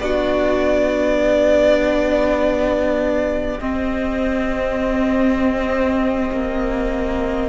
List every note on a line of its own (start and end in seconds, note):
0.00 3.60 B3
0.00 3.60 D4
0.00 1.20 F#4
0.00 3.60 D5
1.20 7.50 G4
3.60 7.50 C4
3.60 6.30 C4
3.60 7.50 D#5
6.32 7.50 A#3